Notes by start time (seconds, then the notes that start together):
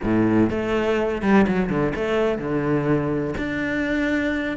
0.03 A2
0.50 A3
1.21 G3
1.47 F#3
1.69 D3
1.95 A3
2.38 D3
3.37 D4